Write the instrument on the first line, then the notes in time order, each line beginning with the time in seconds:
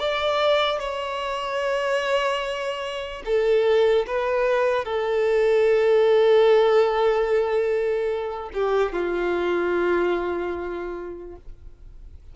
violin
0.00 D5
0.79 C#5
3.25 A4
4.07 B4
4.85 A4
8.54 G4
8.93 F4